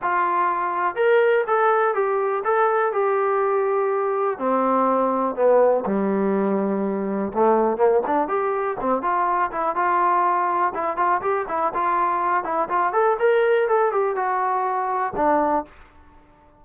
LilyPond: \new Staff \with { instrumentName = "trombone" } { \time 4/4 \tempo 4 = 123 f'2 ais'4 a'4 | g'4 a'4 g'2~ | g'4 c'2 b4 | g2. a4 |
ais8 d'8 g'4 c'8 f'4 e'8 | f'2 e'8 f'8 g'8 e'8 | f'4. e'8 f'8 a'8 ais'4 | a'8 g'8 fis'2 d'4 | }